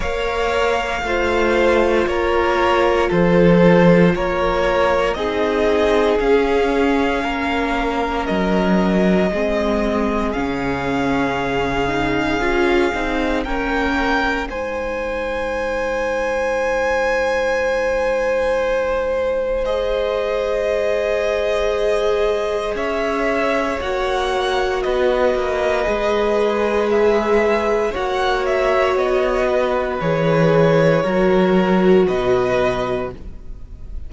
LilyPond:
<<
  \new Staff \with { instrumentName = "violin" } { \time 4/4 \tempo 4 = 58 f''2 cis''4 c''4 | cis''4 dis''4 f''2 | dis''2 f''2~ | f''4 g''4 gis''2~ |
gis''2. dis''4~ | dis''2 e''4 fis''4 | dis''2 e''4 fis''8 e''8 | dis''4 cis''2 dis''4 | }
  \new Staff \with { instrumentName = "violin" } { \time 4/4 cis''4 c''4 ais'4 a'4 | ais'4 gis'2 ais'4~ | ais'4 gis'2.~ | gis'4 ais'4 c''2~ |
c''1~ | c''2 cis''2 | b'2. cis''4~ | cis''8 b'4. ais'4 b'4 | }
  \new Staff \with { instrumentName = "viola" } { \time 4/4 ais'4 f'2.~ | f'4 dis'4 cis'2~ | cis'4 c'4 cis'4. dis'8 | f'8 dis'8 cis'4 dis'2~ |
dis'2. gis'4~ | gis'2. fis'4~ | fis'4 gis'2 fis'4~ | fis'4 gis'4 fis'2 | }
  \new Staff \with { instrumentName = "cello" } { \time 4/4 ais4 a4 ais4 f4 | ais4 c'4 cis'4 ais4 | fis4 gis4 cis2 | cis'8 c'8 ais4 gis2~ |
gis1~ | gis2 cis'4 ais4 | b8 ais8 gis2 ais4 | b4 e4 fis4 b,4 | }
>>